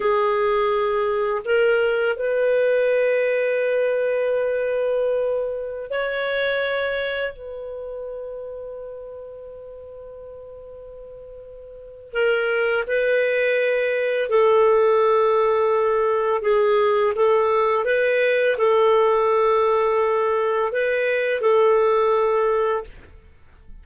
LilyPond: \new Staff \with { instrumentName = "clarinet" } { \time 4/4 \tempo 4 = 84 gis'2 ais'4 b'4~ | b'1~ | b'16 cis''2 b'4.~ b'16~ | b'1~ |
b'4 ais'4 b'2 | a'2. gis'4 | a'4 b'4 a'2~ | a'4 b'4 a'2 | }